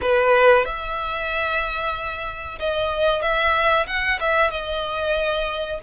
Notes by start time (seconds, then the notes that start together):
0.01 B4
0.65 E5
2.59 D#5
3.21 E5
3.87 F#5
4.20 E5
4.50 D#5